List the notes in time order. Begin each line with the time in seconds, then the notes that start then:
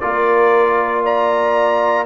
0.00 A#3 F4 A#4 D5
1.04 D5 A#5